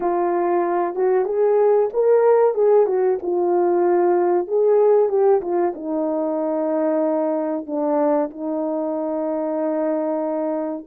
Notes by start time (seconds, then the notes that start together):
0.00 F4
0.95 F#4
1.25 G#4
1.93 A#4
2.54 G#4
2.86 F#4
3.22 F4
4.47 G#4
5.09 G4
5.41 F4
5.74 D#4
7.66 D4
8.30 D#4